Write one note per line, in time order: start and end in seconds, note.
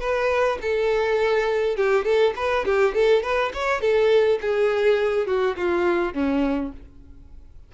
0.00 0.58 B4
0.61 1.76 A4
1.76 2.04 G4
2.04 2.34 A4
2.36 2.65 B4
2.65 2.94 G4
2.94 3.23 A4
3.23 3.52 B4
3.53 3.81 C#5
3.81 4.39 A4
4.41 5.27 G#4
5.27 5.56 F#4
5.56 6.14 F4
6.14 6.72 C#4